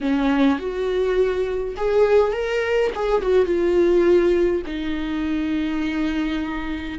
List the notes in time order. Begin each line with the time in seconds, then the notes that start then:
0.00 C#4
0.58 F#4
1.76 G#4
2.32 A#4
2.95 G#4
3.21 F#4
3.45 F4
4.65 D#4